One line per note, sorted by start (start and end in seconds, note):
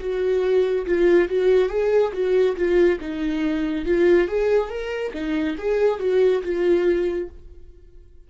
0.00 0.86 F#4
0.86 1.29 F4
1.29 1.69 F#4
1.69 2.12 G#4
2.13 2.56 F#4
2.56 2.99 F4
3.00 3.85 D#4
3.85 4.28 F4
4.28 4.69 G#4
4.69 5.12 A#4
5.13 5.56 D#4
5.58 6.00 G#4
6.00 6.42 F#4
6.42 7.28 F4